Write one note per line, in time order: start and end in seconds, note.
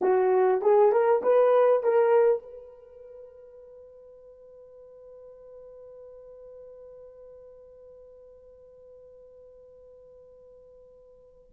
0.01 0.61 F#4
0.61 0.91 G#4
0.91 1.22 A#4
1.23 1.83 B4
1.83 2.42 A#4
2.42 11.52 B4